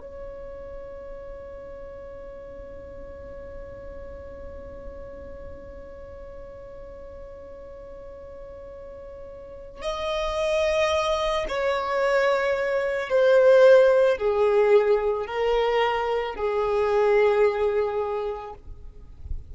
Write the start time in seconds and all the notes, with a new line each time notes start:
0.00 C#5
9.82 D#5
11.48 C#5
13.10 C5
14.17 G#4
15.26 A#4
16.35 G#4